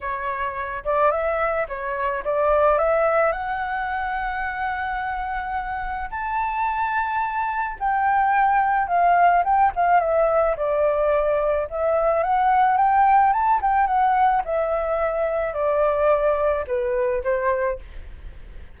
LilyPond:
\new Staff \with { instrumentName = "flute" } { \time 4/4 \tempo 4 = 108 cis''4. d''8 e''4 cis''4 | d''4 e''4 fis''2~ | fis''2. a''4~ | a''2 g''2 |
f''4 g''8 f''8 e''4 d''4~ | d''4 e''4 fis''4 g''4 | a''8 g''8 fis''4 e''2 | d''2 b'4 c''4 | }